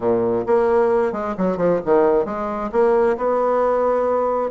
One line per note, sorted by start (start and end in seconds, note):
0.00 0.45 A#2
0.46 1.12 A#3
1.12 1.35 G#3
1.37 1.57 F#3
1.57 1.79 F3
1.85 2.25 D#3
2.25 2.70 G#3
2.71 3.17 A#3
3.17 4.50 B3